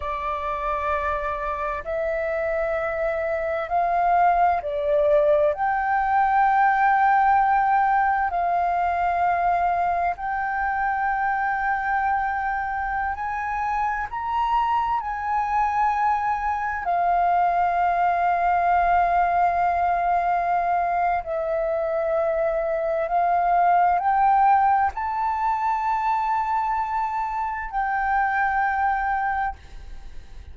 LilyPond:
\new Staff \with { instrumentName = "flute" } { \time 4/4 \tempo 4 = 65 d''2 e''2 | f''4 d''4 g''2~ | g''4 f''2 g''4~ | g''2~ g''16 gis''4 ais''8.~ |
ais''16 gis''2 f''4.~ f''16~ | f''2. e''4~ | e''4 f''4 g''4 a''4~ | a''2 g''2 | }